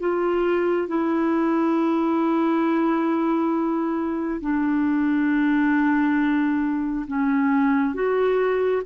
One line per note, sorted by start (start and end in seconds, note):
0.00 0.88 F4
0.88 4.41 E4
4.41 7.06 D4
7.07 7.94 C#4
7.94 8.82 F#4